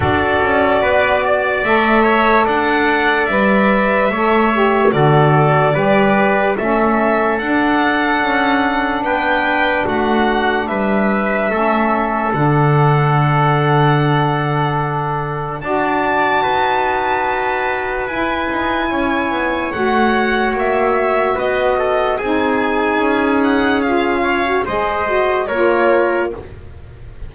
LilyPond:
<<
  \new Staff \with { instrumentName = "violin" } { \time 4/4 \tempo 4 = 73 d''2 e''4 fis''4 | e''2 d''2 | e''4 fis''2 g''4 | fis''4 e''2 fis''4~ |
fis''2. a''4~ | a''2 gis''2 | fis''4 e''4 dis''4 gis''4~ | gis''8 fis''8 f''4 dis''4 cis''4 | }
  \new Staff \with { instrumentName = "trumpet" } { \time 4/4 a'4 b'8 d''4 cis''8 d''4~ | d''4 cis''4 a'4 b'4 | a'2. b'4 | fis'4 b'4 a'2~ |
a'2. d''4 | b'2. cis''4~ | cis''2 b'8 a'8 gis'4~ | gis'4. cis''8 c''4 ais'4 | }
  \new Staff \with { instrumentName = "saxophone" } { \time 4/4 fis'2 a'2 | b'4 a'8 g'8 fis'4 g'4 | cis'4 d'2.~ | d'2 cis'4 d'4~ |
d'2. fis'4~ | fis'2 e'2 | fis'2. dis'4~ | dis'4 f'8. fis'16 gis'8 fis'8 f'4 | }
  \new Staff \with { instrumentName = "double bass" } { \time 4/4 d'8 cis'8 b4 a4 d'4 | g4 a4 d4 g4 | a4 d'4 cis'4 b4 | a4 g4 a4 d4~ |
d2. d'4 | dis'2 e'8 dis'8 cis'8 b8 | a4 ais4 b4 c'4 | cis'2 gis4 ais4 | }
>>